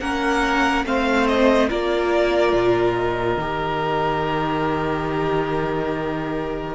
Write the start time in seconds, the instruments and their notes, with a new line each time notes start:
0.00 cello A#3, viola C#4, violin A#4 F#5
0.85 cello A3, viola C4, violin C5 F5
1.27 violin D#5
1.69 cello A#3, viola F4, violin A#4 D5
2.52 cello A#2
2.95 violin D#5
3.36 cello D#3, viola G4